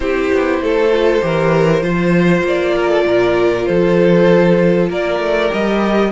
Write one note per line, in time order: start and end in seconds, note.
0.00 0.30 C4
0.00 0.90 E4
0.00 0.62 G4
0.00 2.43 C5
0.32 0.60 B3
0.60 1.22 A3
0.60 1.24 A4
0.91 1.21 F4
1.21 1.81 E3
1.21 1.82 G4
1.21 1.83 A#4
1.81 2.42 F3
1.81 5.48 F4
1.81 2.74 C5
2.43 3.04 A#3
2.43 3.65 D5
2.75 2.88 A#4
2.88 3.04 A4
3.05 3.66 A#2
3.05 3.67 A#4
3.65 4.89 F3
3.65 4.89 A4
3.65 4.87 C5
4.89 5.19 A#3
4.89 6.11 A#4
4.89 5.53 D5
5.19 5.50 A3
5.48 6.12 G3
5.48 6.09 G4
5.48 6.12 D#5